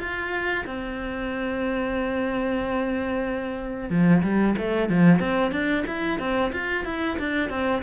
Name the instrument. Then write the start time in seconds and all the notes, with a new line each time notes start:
cello
0.00 F4
0.67 C4
3.90 F3
4.23 G3
4.58 A3
4.90 F3
5.20 C4
5.52 D4
5.87 E4
6.20 C4
6.53 F4
6.85 E4
7.19 D4
7.50 C4